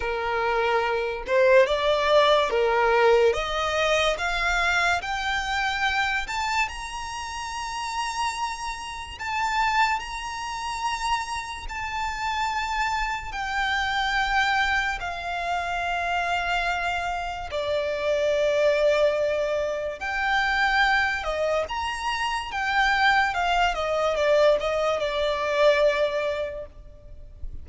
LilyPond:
\new Staff \with { instrumentName = "violin" } { \time 4/4 \tempo 4 = 72 ais'4. c''8 d''4 ais'4 | dis''4 f''4 g''4. a''8 | ais''2. a''4 | ais''2 a''2 |
g''2 f''2~ | f''4 d''2. | g''4. dis''8 ais''4 g''4 | f''8 dis''8 d''8 dis''8 d''2 | }